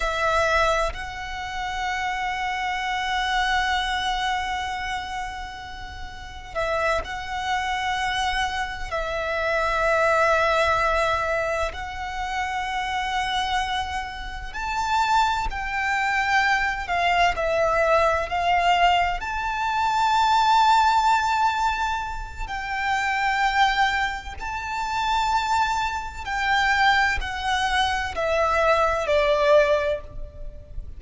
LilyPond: \new Staff \with { instrumentName = "violin" } { \time 4/4 \tempo 4 = 64 e''4 fis''2.~ | fis''2. e''8 fis''8~ | fis''4. e''2~ e''8~ | e''8 fis''2. a''8~ |
a''8 g''4. f''8 e''4 f''8~ | f''8 a''2.~ a''8 | g''2 a''2 | g''4 fis''4 e''4 d''4 | }